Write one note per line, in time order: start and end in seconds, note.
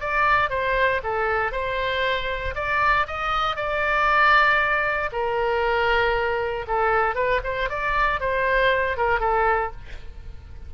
0.00 0.50 D5
0.50 1.01 C5
1.03 1.52 A4
1.52 2.54 C5
2.55 3.06 D5
3.07 3.56 D#5
3.56 5.10 D5
5.12 6.65 A#4
6.67 7.15 A4
7.15 7.40 B4
7.43 7.69 C5
7.69 8.20 D5
8.20 8.97 C5
8.97 9.20 A#4
9.20 9.71 A4